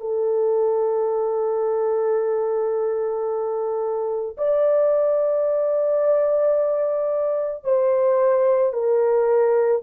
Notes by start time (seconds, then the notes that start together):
0.00 A4
4.37 D5
7.64 C5
8.73 A#4